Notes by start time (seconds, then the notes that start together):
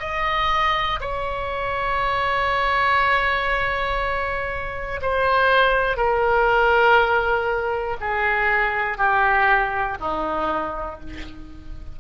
0.00 D#5
1.00 C#5
5.02 C5
5.97 A#4
8.00 G#4
8.98 G4
10.00 D#4